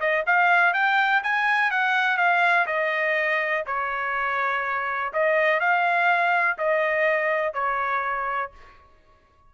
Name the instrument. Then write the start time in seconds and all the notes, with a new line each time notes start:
trumpet
0.00 D#5
0.27 F5
0.74 G5
1.23 G#5
1.71 F#5
2.17 F5
2.67 D#5
3.67 C#5
5.13 D#5
5.60 F5
6.58 D#5
7.54 C#5